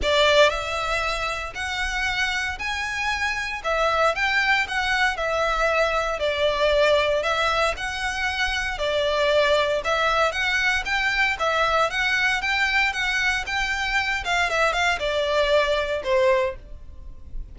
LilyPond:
\new Staff \with { instrumentName = "violin" } { \time 4/4 \tempo 4 = 116 d''4 e''2 fis''4~ | fis''4 gis''2 e''4 | g''4 fis''4 e''2 | d''2 e''4 fis''4~ |
fis''4 d''2 e''4 | fis''4 g''4 e''4 fis''4 | g''4 fis''4 g''4. f''8 | e''8 f''8 d''2 c''4 | }